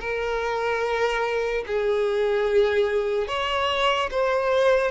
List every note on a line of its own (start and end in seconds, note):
0.00 1.64 A#4
1.67 3.28 G#4
3.28 4.10 C#5
4.11 4.91 C5